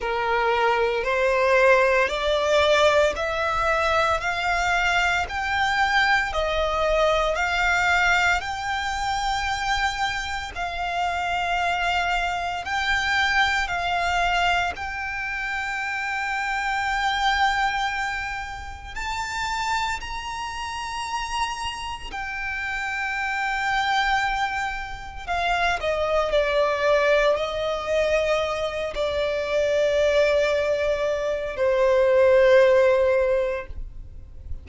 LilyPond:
\new Staff \with { instrumentName = "violin" } { \time 4/4 \tempo 4 = 57 ais'4 c''4 d''4 e''4 | f''4 g''4 dis''4 f''4 | g''2 f''2 | g''4 f''4 g''2~ |
g''2 a''4 ais''4~ | ais''4 g''2. | f''8 dis''8 d''4 dis''4. d''8~ | d''2 c''2 | }